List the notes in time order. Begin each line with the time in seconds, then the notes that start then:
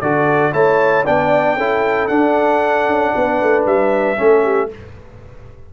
0.00 D3 F#4 A4 D5
0.52 A3 E4 C#5 A5
1.04 B3 D4 D5 G5
1.56 C#4 E4 A4
2.07 D4 F#5
2.87 C#4
3.15 B3 B4
3.42 A3
3.65 G3 E5
4.16 A3 C#4 A4
4.43 G4